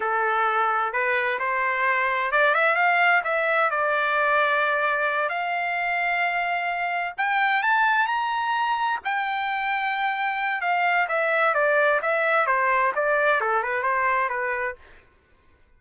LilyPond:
\new Staff \with { instrumentName = "trumpet" } { \time 4/4 \tempo 4 = 130 a'2 b'4 c''4~ | c''4 d''8 e''8 f''4 e''4 | d''2.~ d''8 f''8~ | f''2.~ f''8 g''8~ |
g''8 a''4 ais''2 g''8~ | g''2. f''4 | e''4 d''4 e''4 c''4 | d''4 a'8 b'8 c''4 b'4 | }